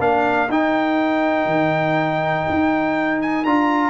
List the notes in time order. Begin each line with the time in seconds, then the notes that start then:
0.00 A#3 D4 A#4 F5
0.49 D#4 G5
1.46 D#3
2.49 D#4
3.22 G#5
3.45 D4 F4 A#5